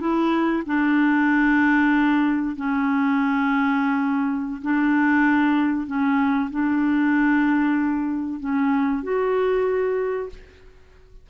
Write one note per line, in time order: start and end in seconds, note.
0.00 0.63 E4
0.66 2.56 D4
2.56 4.61 C#4
4.61 5.87 D4
5.87 6.50 C#4
6.51 8.40 D4
8.40 9.03 C#4
9.03 10.29 F#4